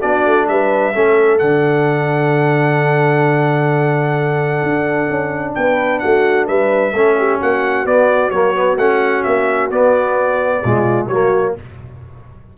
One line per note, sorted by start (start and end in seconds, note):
0.00 0.26 B3
0.00 0.93 D4
0.00 0.46 F#4
0.00 0.47 D5
0.26 0.48 A3
0.48 0.94 G3
0.48 0.95 B4
0.48 1.39 E5
0.93 1.41 A3
0.93 1.39 C#4
0.93 5.56 A4
1.39 4.63 D3
1.39 6.93 D4
1.39 5.54 F#5
4.63 5.09 D4
5.10 5.56 C#4
5.55 6.03 B3
5.55 6.02 B4
5.55 5.99 G5
5.99 6.48 A3
5.99 6.47 F#4
5.99 6.45 F#5
6.47 6.93 G3
6.47 6.93 B4
6.47 7.40 E5
6.93 7.40 A3
6.93 7.86 C#4
6.93 7.16 A4
7.18 7.39 G4
7.39 7.85 A#3
7.39 10.62 F#4
7.39 7.87 F#5
7.85 8.31 B3
7.85 8.32 B3
7.85 8.30 D5
8.30 8.77 F#3
8.30 8.54 A#3
8.30 8.77 C#5
8.54 8.77 B3
8.77 9.23 A3
8.77 9.71 C#4
8.77 9.23 F#5
9.23 9.70 A#3
9.23 9.70 E5
9.70 10.62 B3
9.70 10.63 B3
9.70 11.07 D5
10.63 11.08 B2
10.63 11.11 G#3
10.63 11.08 F4
11.07 11.54 F#3
11.07 11.57 A#3
11.07 11.55 F#4
11.07 11.53 C#5